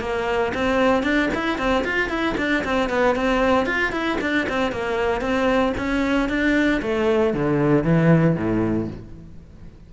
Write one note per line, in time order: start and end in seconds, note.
0.00 0.52 A#3
0.54 1.03 C4
1.03 1.29 D4
1.34 1.58 E4
1.58 1.84 C4
1.84 2.09 F4
2.09 2.35 E4
2.37 2.63 D4
2.64 2.89 C4
2.89 3.15 B3
3.15 3.66 C4
3.66 3.92 F4
3.92 4.18 E4
4.20 4.47 D4
4.49 4.71 C4
4.71 5.21 A#3
5.21 5.73 C4
5.77 6.29 C#4
6.29 6.81 D4
6.81 7.34 A3
7.34 7.83 D3
7.83 8.35 E3
8.35 8.87 A2